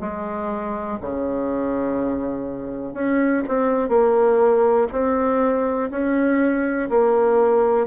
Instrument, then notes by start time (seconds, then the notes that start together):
bassoon
0.00 G#3
1.01 C#3
2.93 C#4
3.48 C4
3.89 A#3
4.92 C4
5.91 C#4
6.89 A#3